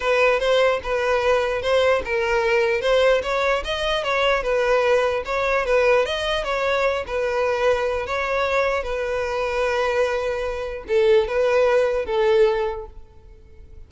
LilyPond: \new Staff \with { instrumentName = "violin" } { \time 4/4 \tempo 4 = 149 b'4 c''4 b'2 | c''4 ais'2 c''4 | cis''4 dis''4 cis''4 b'4~ | b'4 cis''4 b'4 dis''4 |
cis''4. b'2~ b'8 | cis''2 b'2~ | b'2. a'4 | b'2 a'2 | }